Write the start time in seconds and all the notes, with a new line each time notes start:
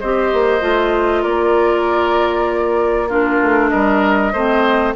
0.00 C4 G4 C5 D#5
0.33 A#3
0.61 A3 F4
1.22 A#3 A#4 D5
3.09 D4 F4 A#4
3.42 A3
3.69 G3 A#4 D#5
4.33 A3 C4 C5